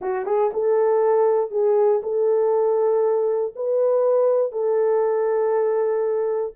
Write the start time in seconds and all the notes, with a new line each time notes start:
0.01 F#4
0.25 G#4
0.53 A4
1.51 G#4
2.03 A4
3.55 B4
4.51 A4